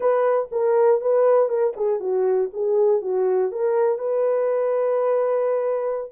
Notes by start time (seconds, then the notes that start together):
0.00 B4
0.51 A#4
1.01 B4
1.48 A#4
1.76 G#4
2.00 F#4
2.53 G#4
3.01 F#4
3.51 A#4
3.98 B4